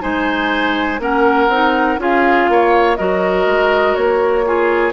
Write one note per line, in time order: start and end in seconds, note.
0.00 0.99 G#3
0.00 0.98 D#4
0.00 1.00 C5
0.00 0.99 G#5
0.99 1.48 A#3
0.99 1.49 C#4
0.99 2.00 A#4
0.99 2.00 F#5
1.48 1.97 C4
1.48 1.98 D#4
1.97 2.47 C#4
1.97 2.97 F4
1.97 2.50 G#4
1.97 2.96 F5
2.49 2.98 A#3
2.49 2.97 C#5
2.96 3.46 F#3
2.96 4.45 F#4
2.96 4.45 A#4
2.96 3.94 D#5
3.46 3.95 G#3
3.94 4.92 A#3
3.94 4.92 C#5
4.45 4.92 F4
4.45 4.92 G#4